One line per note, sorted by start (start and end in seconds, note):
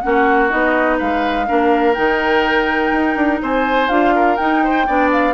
0.00 0.52 A#3
0.00 0.49 C#4
0.00 0.97 F#4
0.00 0.48 F#5
0.49 1.00 B3
0.49 1.46 D#4
0.49 0.98 D#5
0.97 1.49 G#3
0.97 1.46 B4
0.97 1.94 F5
1.46 1.98 A#3
1.46 1.95 D4
1.46 3.41 A#4
1.94 2.91 D#3
1.94 3.89 D#4
1.94 3.39 G5
2.91 3.15 D#4
3.15 3.40 D4
3.42 3.89 C4
3.42 4.14 C5
3.42 3.88 G#5
3.88 4.37 D4
3.88 4.37 F4
3.88 4.36 F5
4.15 4.63 A#4
4.36 4.87 D#4
4.36 5.09 G5
4.63 4.86 C5
4.86 5.34 B3
4.86 5.34 D4
4.86 5.34 D5
5.11 5.34 F5